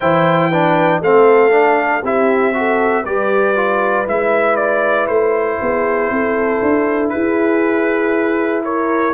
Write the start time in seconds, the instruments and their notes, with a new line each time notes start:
0.00 tuba E3, trombone E4, horn C5, trumpet G5
0.49 trombone D4, horn B4
1.01 tuba A3, trombone C4, horn A4, trumpet F5
1.50 trombone D4
2.03 tuba C4, trombone E4, horn G4, trumpet E5
2.53 trombone F#4, horn A4
3.03 tuba G3, trombone G4, horn B4, trumpet D5
3.55 trombone F4
4.06 tuba G#3, trombone E4, trumpet E5
4.56 trumpet D5
5.07 tuba A3, trumpet C5
5.61 tuba B3, horn G#4
6.10 tuba C4, horn A4
6.62 tuba D4
7.09 tuba E4, horn G#4, trumpet B4
8.64 horn A#4, trumpet C#5